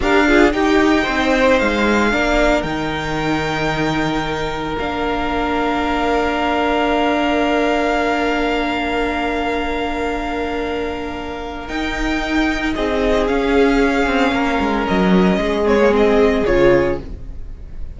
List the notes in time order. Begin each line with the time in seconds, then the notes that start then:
0.00 D4 G4 A#4 F5
0.27 F4 G#4
0.52 D#4 G4 G5
1.02 C4 C5
1.58 G#3 F5
2.11 A#3 D4 A#4
2.62 D#3 D#4 G5
4.78 A#3 D4 F5
11.67 D#4 G5
12.75 C4 G#4 D#5
13.26 C#4 F5
14.06 C4
14.31 A#3 A#4
14.60 G#3
14.87 F#3 D#5
15.36 G#3 G#4
15.64 C4 C#5
15.80 A#3
15.91 C4 D#5
16.45 C#3 F4 C#5